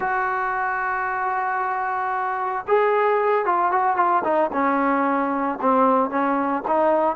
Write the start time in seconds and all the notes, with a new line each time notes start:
0.00 F#4
2.67 G#4
3.45 F4
3.71 F#4
3.96 F4
4.23 D#4
4.52 C#4
5.61 C4
6.09 C#4
6.67 D#4